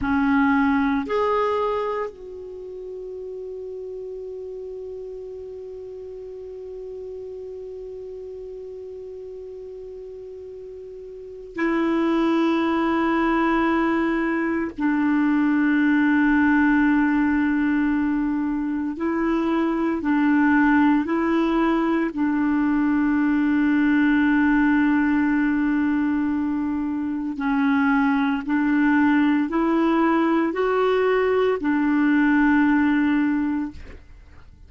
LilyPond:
\new Staff \with { instrumentName = "clarinet" } { \time 4/4 \tempo 4 = 57 cis'4 gis'4 fis'2~ | fis'1~ | fis'2. e'4~ | e'2 d'2~ |
d'2 e'4 d'4 | e'4 d'2.~ | d'2 cis'4 d'4 | e'4 fis'4 d'2 | }